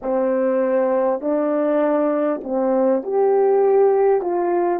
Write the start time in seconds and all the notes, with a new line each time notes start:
0.02 C4
1.21 D4
2.43 C4
3.03 G4
4.21 F4